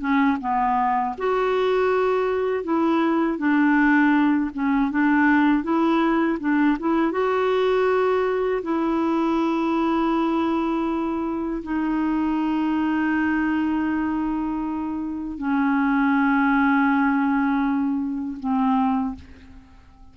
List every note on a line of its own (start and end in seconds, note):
0.00 0.38 C#4
0.40 1.15 B3
1.18 2.64 F#4
2.64 3.38 E4
3.38 4.50 D4
4.54 4.91 C#4
4.91 5.63 D4
5.63 6.38 E4
6.40 6.77 D4
6.79 7.12 E4
7.12 8.62 F#4
8.62 11.62 E4
11.63 15.38 D#4
15.38 18.38 C#4
18.40 19.15 C4